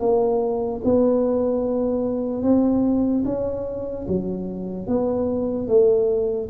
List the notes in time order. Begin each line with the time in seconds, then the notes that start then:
0.00 A#3
0.84 B3
2.43 C4
3.25 C#4
4.08 F#3
4.88 B3
5.68 A3